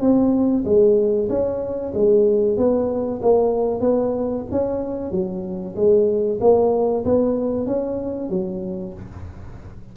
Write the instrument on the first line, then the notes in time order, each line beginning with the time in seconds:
tuba
0.00 C4
0.64 G#3
1.29 C#4
1.94 G#3
2.57 B3
3.22 A#3
3.80 B3
4.51 C#4
5.11 F#3
5.75 G#3
6.40 A#3
7.05 B3
7.66 C#4
8.29 F#3